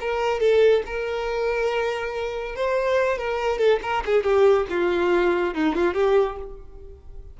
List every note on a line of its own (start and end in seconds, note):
0.00 0.40 A#4
0.40 0.83 A4
0.86 2.55 A#4
2.55 3.18 C5
3.18 3.58 A#4
3.58 3.79 A4
3.82 4.03 A#4
4.05 4.23 G#4
4.23 4.66 G4
4.69 5.54 F4
5.54 5.75 D#4
5.75 5.94 F4
5.94 6.36 G4